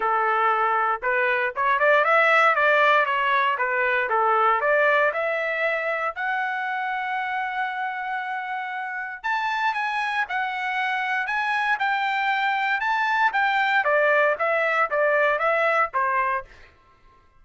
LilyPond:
\new Staff \with { instrumentName = "trumpet" } { \time 4/4 \tempo 4 = 117 a'2 b'4 cis''8 d''8 | e''4 d''4 cis''4 b'4 | a'4 d''4 e''2 | fis''1~ |
fis''2 a''4 gis''4 | fis''2 gis''4 g''4~ | g''4 a''4 g''4 d''4 | e''4 d''4 e''4 c''4 | }